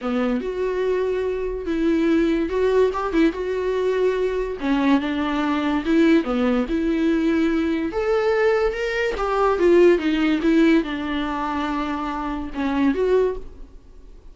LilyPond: \new Staff \with { instrumentName = "viola" } { \time 4/4 \tempo 4 = 144 b4 fis'2. | e'2 fis'4 g'8 e'8 | fis'2. cis'4 | d'2 e'4 b4 |
e'2. a'4~ | a'4 ais'4 g'4 f'4 | dis'4 e'4 d'2~ | d'2 cis'4 fis'4 | }